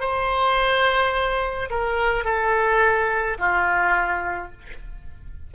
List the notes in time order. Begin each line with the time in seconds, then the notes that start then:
0.00 C5
1.70 A#4
2.24 A4
3.38 F4